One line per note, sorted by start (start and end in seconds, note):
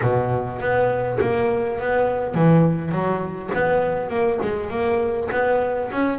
0.01 0.59 B2
0.59 1.18 B3
1.20 1.79 A#3
1.79 2.34 B3
2.34 2.91 E3
2.91 3.50 F#3
3.53 4.09 B3
4.09 4.39 A#3
4.41 4.70 G#3
4.70 5.29 A#3
5.31 5.90 B3
5.91 6.18 C#4